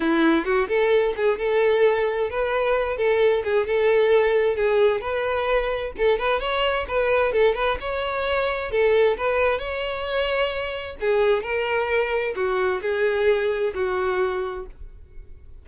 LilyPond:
\new Staff \with { instrumentName = "violin" } { \time 4/4 \tempo 4 = 131 e'4 fis'8 a'4 gis'8 a'4~ | a'4 b'4. a'4 gis'8 | a'2 gis'4 b'4~ | b'4 a'8 b'8 cis''4 b'4 |
a'8 b'8 cis''2 a'4 | b'4 cis''2. | gis'4 ais'2 fis'4 | gis'2 fis'2 | }